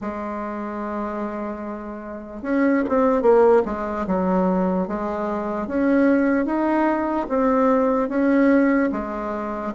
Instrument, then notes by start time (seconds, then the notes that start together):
bassoon
0.01 G#3
2.42 C#4
2.88 C4
3.22 A#3
3.65 G#3
4.06 F#3
4.87 G#3
5.67 C#4
6.45 D#4
7.28 C4
8.08 C#4
8.92 G#3